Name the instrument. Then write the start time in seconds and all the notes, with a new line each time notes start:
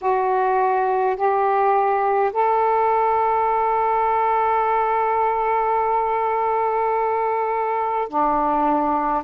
saxophone
0.01 F#4
1.16 G4
2.32 A4
8.08 D4